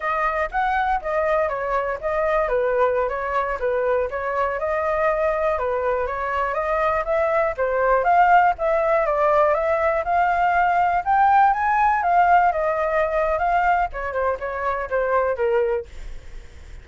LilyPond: \new Staff \with { instrumentName = "flute" } { \time 4/4 \tempo 4 = 121 dis''4 fis''4 dis''4 cis''4 | dis''4 b'4~ b'16 cis''4 b'8.~ | b'16 cis''4 dis''2 b'8.~ | b'16 cis''4 dis''4 e''4 c''8.~ |
c''16 f''4 e''4 d''4 e''8.~ | e''16 f''2 g''4 gis''8.~ | gis''16 f''4 dis''4.~ dis''16 f''4 | cis''8 c''8 cis''4 c''4 ais'4 | }